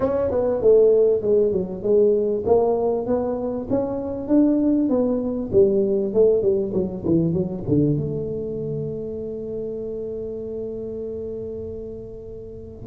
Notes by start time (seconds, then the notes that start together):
0.00 C#4
0.31 B3
0.61 A3
1.21 G#3
1.52 F#3
1.82 G#3
2.45 A#3
3.06 B3
3.70 C#4
4.27 D4
4.89 B3
5.52 G3
6.13 A3
6.42 G3
6.73 F#3
7.05 E3
7.33 F#3
7.68 D3
7.97 A3